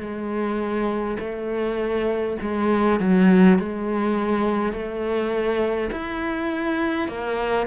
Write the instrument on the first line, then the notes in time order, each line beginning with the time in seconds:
cello
0.00 G#3
1.20 A3
2.42 G#3
3.00 F#3
3.59 G#3
4.73 A3
5.91 E4
7.09 A#3